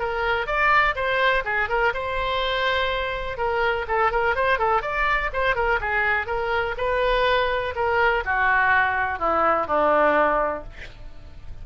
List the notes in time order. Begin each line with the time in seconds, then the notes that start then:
0.00 A#4
0.47 D5
0.96 C5
1.45 G#4
1.69 A#4
1.94 C5
3.38 A#4
3.88 A4
4.12 A#4
4.36 C5
4.59 A4
4.83 D5
5.34 C5
5.56 A#4
5.81 G#4
6.27 A#4
6.78 B4
7.76 A#4
8.26 F#4
9.20 E4
9.67 D4